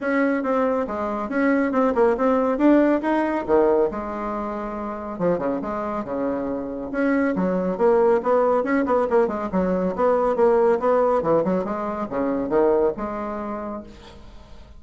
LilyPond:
\new Staff \with { instrumentName = "bassoon" } { \time 4/4 \tempo 4 = 139 cis'4 c'4 gis4 cis'4 | c'8 ais8 c'4 d'4 dis'4 | dis4 gis2. | f8 cis8 gis4 cis2 |
cis'4 fis4 ais4 b4 | cis'8 b8 ais8 gis8 fis4 b4 | ais4 b4 e8 fis8 gis4 | cis4 dis4 gis2 | }